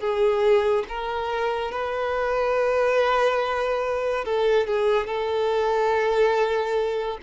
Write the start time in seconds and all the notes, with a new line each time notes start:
0.00 G#4
0.89 A#4
1.72 B4
4.25 A4
4.67 G#4
5.07 A4